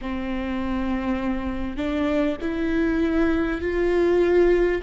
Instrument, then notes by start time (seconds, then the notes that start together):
viola
0.01 C4
1.77 D4
2.41 E4
3.61 F4